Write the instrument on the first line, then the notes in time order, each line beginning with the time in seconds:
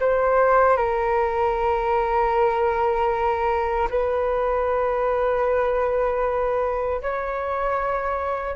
flute
0.00 C5
0.77 A#4
3.90 B4
7.02 C#5